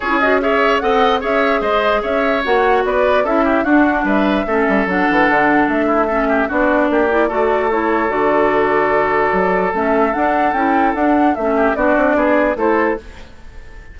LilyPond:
<<
  \new Staff \with { instrumentName = "flute" } { \time 4/4 \tempo 4 = 148 cis''8 dis''8 e''4 fis''4 e''4 | dis''4 e''4 fis''4 d''4 | e''4 fis''4 e''2 | fis''2 e''2 |
d''2. cis''4 | d''1 | e''4 fis''4 g''4 fis''4 | e''4 d''2 c''4 | }
  \new Staff \with { instrumentName = "oboe" } { \time 4/4 gis'4 cis''4 dis''4 cis''4 | c''4 cis''2 b'4 | a'8 g'8 fis'4 b'4 a'4~ | a'2~ a'8 e'8 a'8 g'8 |
fis'4 g'4 a'2~ | a'1~ | a'1~ | a'8 g'8 fis'4 gis'4 a'4 | }
  \new Staff \with { instrumentName = "clarinet" } { \time 4/4 f'16 e'16 fis'8 gis'4 a'4 gis'4~ | gis'2 fis'2 | e'4 d'2 cis'4 | d'2. cis'4 |
d'4. e'8 fis'4 e'4 | fis'1 | cis'4 d'4 e'4 d'4 | cis'4 d'2 e'4 | }
  \new Staff \with { instrumentName = "bassoon" } { \time 4/4 cis'2 c'4 cis'4 | gis4 cis'4 ais4 b4 | cis'4 d'4 g4 a8 g8 | fis8 e8 d4 a2 |
b4 ais4 a2 | d2. fis4 | a4 d'4 cis'4 d'4 | a4 b8 c'8 b4 a4 | }
>>